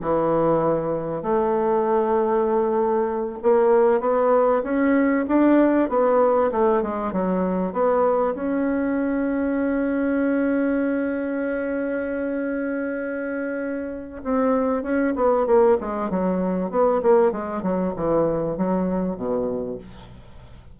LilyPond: \new Staff \with { instrumentName = "bassoon" } { \time 4/4 \tempo 4 = 97 e2 a2~ | a4. ais4 b4 cis'8~ | cis'8 d'4 b4 a8 gis8 fis8~ | fis8 b4 cis'2~ cis'8~ |
cis'1~ | cis'2. c'4 | cis'8 b8 ais8 gis8 fis4 b8 ais8 | gis8 fis8 e4 fis4 b,4 | }